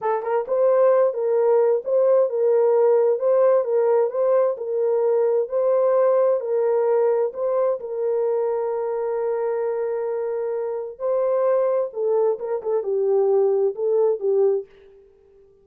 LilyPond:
\new Staff \with { instrumentName = "horn" } { \time 4/4 \tempo 4 = 131 a'8 ais'8 c''4. ais'4. | c''4 ais'2 c''4 | ais'4 c''4 ais'2 | c''2 ais'2 |
c''4 ais'2.~ | ais'1 | c''2 a'4 ais'8 a'8 | g'2 a'4 g'4 | }